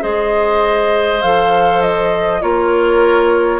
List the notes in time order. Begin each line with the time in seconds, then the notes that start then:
0.00 G#3 G#4 C5 D#5
1.21 F3 A4 F5
1.81 D#5
2.41 A#3 F4 A#4 C#5